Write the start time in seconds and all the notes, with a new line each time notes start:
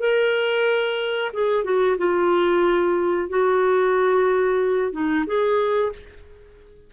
0.00 A#4
1.34 G#4
1.64 F#4
1.98 F4
3.30 F#4
4.92 D#4
5.27 G#4